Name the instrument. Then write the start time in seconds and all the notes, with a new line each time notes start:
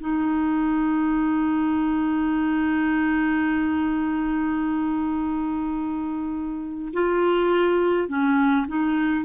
clarinet
0.00 D#4
6.93 F4
8.09 C#4
8.67 D#4